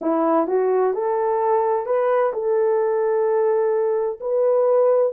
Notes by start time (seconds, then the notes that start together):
0.01 E4
0.47 F#4
0.93 A4
1.86 B4
2.33 A4
4.20 B4